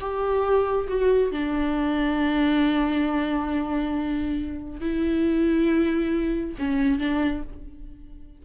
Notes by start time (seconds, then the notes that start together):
0.00 G4
0.88 F#4
1.31 D4
4.80 E4
6.58 C#4
6.99 D4